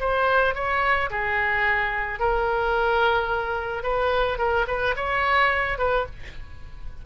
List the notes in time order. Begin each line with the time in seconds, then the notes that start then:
0.00 C5
0.55 C#5
1.10 G#4
2.20 A#4
3.83 B4
4.38 A#4
4.67 B4
4.96 C#5
5.78 B4